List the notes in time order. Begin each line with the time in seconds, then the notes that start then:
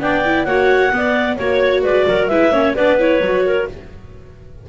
0.00 B3 D4 D5 G5
0.25 E4
0.45 A#3 F#4 C#5 F#5
0.92 B3 D5
1.37 A#3 F#4 C#5
1.83 G#3 B4 D5
2.08 F#3 A#4
2.28 G#3 E4 B4 E5
2.51 A#3 C#4 C#5
2.76 B3 D4 B4 D5
3.00 E4 C#5
3.21 F#3 F#4
3.46 A#4